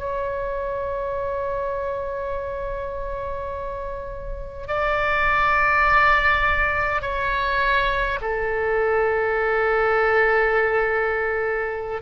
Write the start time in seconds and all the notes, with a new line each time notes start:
0.00 C#5
4.68 D5
7.02 C#5
8.21 A4